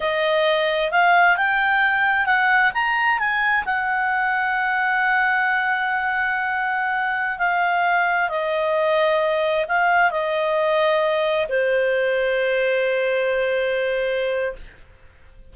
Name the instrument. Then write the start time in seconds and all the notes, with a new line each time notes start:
clarinet
0.00 D#5
0.91 F5
1.36 G5
2.26 F#5
2.74 A#5
3.18 G#5
3.65 F#5
7.38 F5
8.29 D#5
9.68 F5
10.10 D#5
11.48 C5